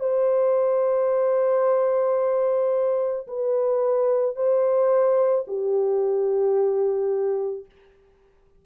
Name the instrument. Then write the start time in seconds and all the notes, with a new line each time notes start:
horn
0.00 C5
3.28 B4
4.36 C5
5.47 G4